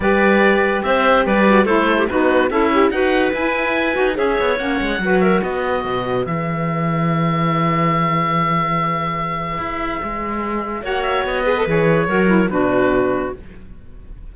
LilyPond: <<
  \new Staff \with { instrumentName = "oboe" } { \time 4/4 \tempo 4 = 144 d''2 e''4 d''4 | c''4 b'4 e''4 fis''4 | gis''2 e''4 fis''4~ | fis''8 e''8 dis''2 e''4~ |
e''1~ | e''1~ | e''2 fis''8 e''8 dis''4 | cis''2 b'2 | }
  \new Staff \with { instrumentName = "clarinet" } { \time 4/4 b'2 c''4 b'4 | a'8. g'16 fis'4 e'4 b'4~ | b'2 cis''2 | b'8 ais'8 b'2.~ |
b'1~ | b'1~ | b'2 cis''4. b'8~ | b'4 ais'4 fis'2 | }
  \new Staff \with { instrumentName = "saxophone" } { \time 4/4 g'2.~ g'8 fis'8 | e'4 dis'4 a'8 g'8 fis'4 | e'4. fis'8 gis'4 cis'4 | fis'2. gis'4~ |
gis'1~ | gis'1~ | gis'2 fis'4. gis'16 a'16 | gis'4 fis'8 e'8 d'2 | }
  \new Staff \with { instrumentName = "cello" } { \time 4/4 g2 c'4 g4 | a4 b4 cis'4 dis'4 | e'4. dis'8 cis'8 b8 ais8 gis8 | fis4 b4 b,4 e4~ |
e1~ | e2. e'4 | gis2 ais4 b4 | e4 fis4 b,2 | }
>>